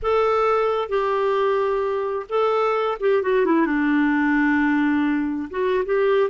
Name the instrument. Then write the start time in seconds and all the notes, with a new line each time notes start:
clarinet
0.02 A4
0.88 G4
2.29 A4
3.00 G4
3.22 F#4
3.45 E4
3.65 D4
5.50 F#4
5.85 G4